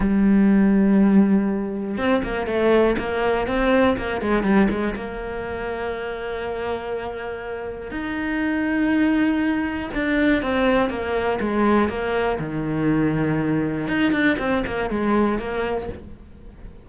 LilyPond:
\new Staff \with { instrumentName = "cello" } { \time 4/4 \tempo 4 = 121 g1 | c'8 ais8 a4 ais4 c'4 | ais8 gis8 g8 gis8 ais2~ | ais1 |
dis'1 | d'4 c'4 ais4 gis4 | ais4 dis2. | dis'8 d'8 c'8 ais8 gis4 ais4 | }